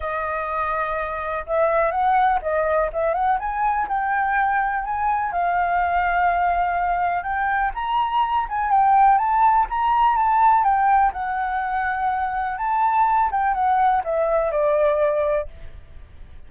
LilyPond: \new Staff \with { instrumentName = "flute" } { \time 4/4 \tempo 4 = 124 dis''2. e''4 | fis''4 dis''4 e''8 fis''8 gis''4 | g''2 gis''4 f''4~ | f''2. g''4 |
ais''4. gis''8 g''4 a''4 | ais''4 a''4 g''4 fis''4~ | fis''2 a''4. g''8 | fis''4 e''4 d''2 | }